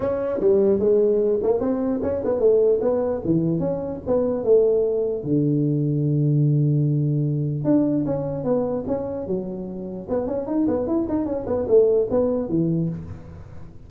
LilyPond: \new Staff \with { instrumentName = "tuba" } { \time 4/4 \tempo 4 = 149 cis'4 g4 gis4. ais8 | c'4 cis'8 b8 a4 b4 | e4 cis'4 b4 a4~ | a4 d2.~ |
d2. d'4 | cis'4 b4 cis'4 fis4~ | fis4 b8 cis'8 dis'8 b8 e'8 dis'8 | cis'8 b8 a4 b4 e4 | }